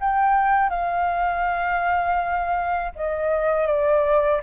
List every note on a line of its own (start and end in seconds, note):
0.00 0.69 G5
0.69 2.92 F5
2.95 3.67 D#5
3.67 4.40 D5